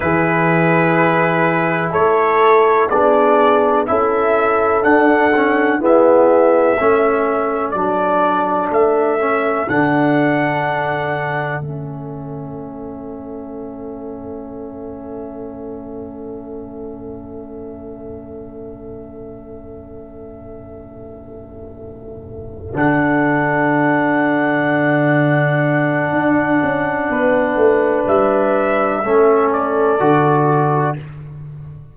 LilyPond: <<
  \new Staff \with { instrumentName = "trumpet" } { \time 4/4 \tempo 4 = 62 b'2 cis''4 d''4 | e''4 fis''4 e''2 | d''4 e''4 fis''2 | e''1~ |
e''1~ | e''2.~ e''8 fis''8~ | fis''1~ | fis''4 e''4. d''4. | }
  \new Staff \with { instrumentName = "horn" } { \time 4/4 gis'2 a'4 gis'4 | a'2 gis'4 a'4~ | a'1~ | a'1~ |
a'1~ | a'1~ | a'1 | b'2 a'2 | }
  \new Staff \with { instrumentName = "trombone" } { \time 4/4 e'2. d'4 | e'4 d'8 cis'8 b4 cis'4 | d'4. cis'8 d'2 | cis'1~ |
cis'1~ | cis'2.~ cis'8 d'8~ | d'1~ | d'2 cis'4 fis'4 | }
  \new Staff \with { instrumentName = "tuba" } { \time 4/4 e2 a4 b4 | cis'4 d'4 e'4 a4 | fis4 a4 d2 | a1~ |
a1~ | a2.~ a8 d8~ | d2. d'8 cis'8 | b8 a8 g4 a4 d4 | }
>>